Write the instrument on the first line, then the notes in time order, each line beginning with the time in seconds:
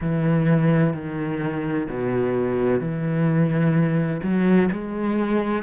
cello
0.00 E3
0.93 D#3
1.89 B2
2.80 E3
4.22 F#3
4.71 G#3